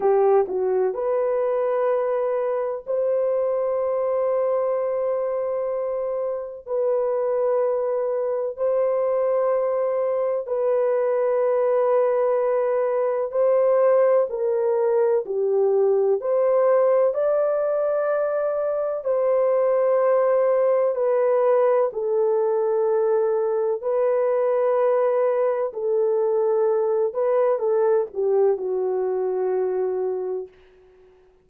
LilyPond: \new Staff \with { instrumentName = "horn" } { \time 4/4 \tempo 4 = 63 g'8 fis'8 b'2 c''4~ | c''2. b'4~ | b'4 c''2 b'4~ | b'2 c''4 ais'4 |
g'4 c''4 d''2 | c''2 b'4 a'4~ | a'4 b'2 a'4~ | a'8 b'8 a'8 g'8 fis'2 | }